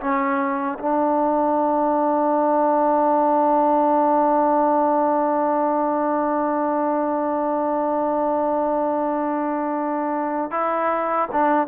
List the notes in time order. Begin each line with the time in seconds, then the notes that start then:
0.00 C#4
0.79 D4
10.51 E4
11.32 D4